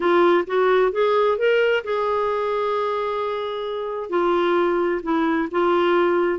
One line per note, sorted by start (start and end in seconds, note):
0.00 0.44 F4
0.46 0.92 F#4
0.92 1.37 G#4
1.38 1.83 A#4
1.83 4.09 G#4
4.09 5.01 F4
5.03 5.48 E4
5.51 6.39 F4